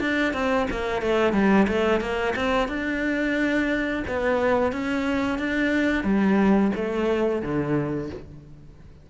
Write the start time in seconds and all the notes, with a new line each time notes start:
0.00 D4
0.33 C4
0.70 A#3
1.02 A3
1.33 G3
1.68 A3
2.00 A#3
2.36 C4
2.68 D4
4.07 B3
4.72 C#4
5.38 D4
6.04 G3
6.75 A3
7.42 D3